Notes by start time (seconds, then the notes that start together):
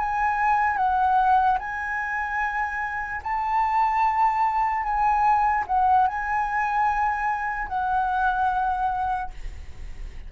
0.00 G#5
0.77 F#5
1.59 G#5
3.24 A5
4.84 G#5
5.67 F#5
6.07 G#5
7.68 F#5